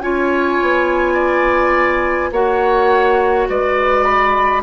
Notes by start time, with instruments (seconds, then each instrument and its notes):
0.00 bassoon C#4, clarinet F4, oboe C#5, flute G#5
0.61 bassoon B3
1.13 oboe D5
2.31 bassoon A#3, clarinet F#4, oboe C#5, flute F#5
3.49 bassoon G#3, flute B4, oboe D5
4.04 flute B5